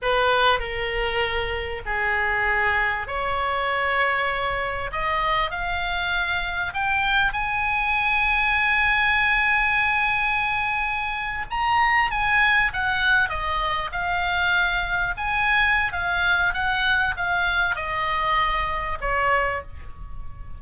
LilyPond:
\new Staff \with { instrumentName = "oboe" } { \time 4/4 \tempo 4 = 98 b'4 ais'2 gis'4~ | gis'4 cis''2. | dis''4 f''2 g''4 | gis''1~ |
gis''2~ gis''8. ais''4 gis''16~ | gis''8. fis''4 dis''4 f''4~ f''16~ | f''8. gis''4~ gis''16 f''4 fis''4 | f''4 dis''2 cis''4 | }